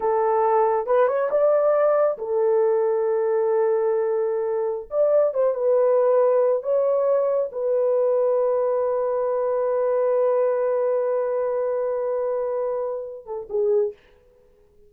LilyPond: \new Staff \with { instrumentName = "horn" } { \time 4/4 \tempo 4 = 138 a'2 b'8 cis''8 d''4~ | d''4 a'2.~ | a'2.~ a'16 d''8.~ | d''16 c''8 b'2~ b'8 cis''8.~ |
cis''4~ cis''16 b'2~ b'8.~ | b'1~ | b'1~ | b'2~ b'8 a'8 gis'4 | }